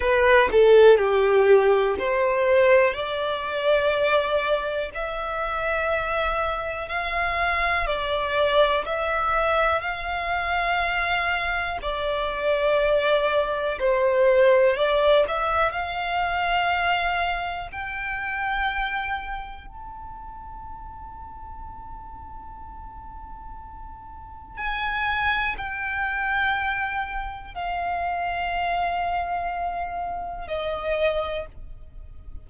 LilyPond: \new Staff \with { instrumentName = "violin" } { \time 4/4 \tempo 4 = 61 b'8 a'8 g'4 c''4 d''4~ | d''4 e''2 f''4 | d''4 e''4 f''2 | d''2 c''4 d''8 e''8 |
f''2 g''2 | a''1~ | a''4 gis''4 g''2 | f''2. dis''4 | }